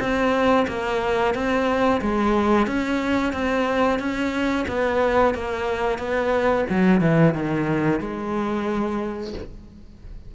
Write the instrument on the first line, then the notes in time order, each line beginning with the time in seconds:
cello
0.00 C4
0.68 A#3
1.35 C4
2.02 G#3
2.67 C#4
3.33 C4
3.99 C#4
4.68 B3
5.35 A#3
5.99 B3
6.70 F#3
7.01 E3
7.34 D#3
8.00 G#3